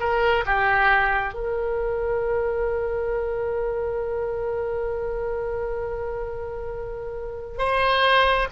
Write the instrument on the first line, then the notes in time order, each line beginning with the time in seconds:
oboe
0.00 A#4
0.46 G4
1.34 A#4
7.58 C5